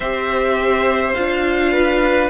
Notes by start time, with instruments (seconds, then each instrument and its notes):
0.00 cello C4, viola G4, violin C5 E5
1.13 cello D4, viola F4, violin F5
1.72 violin B4